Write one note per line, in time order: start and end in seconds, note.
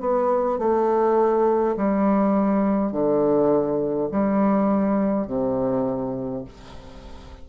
0.00 0.58 B3
0.58 1.76 A3
1.76 2.92 G3
2.92 4.10 D3
4.11 5.27 G3
5.27 6.44 C3